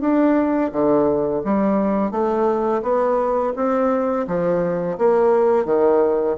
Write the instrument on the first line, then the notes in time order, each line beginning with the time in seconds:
bassoon
0.00 D4
0.72 D3
1.44 G3
2.11 A3
2.82 B3
3.56 C4
4.27 F3
4.98 A#3
5.65 D#3